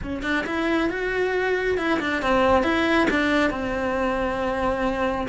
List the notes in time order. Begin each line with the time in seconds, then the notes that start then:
0.03 C#4
0.22 D4
0.46 E4
0.89 F#4
1.77 E4
2.00 D4
2.21 C4
2.63 E4
3.10 D4
3.50 C4